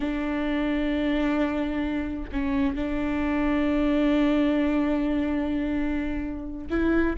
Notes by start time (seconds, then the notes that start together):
0.00 D4
2.32 C#4
2.75 D4
6.70 E4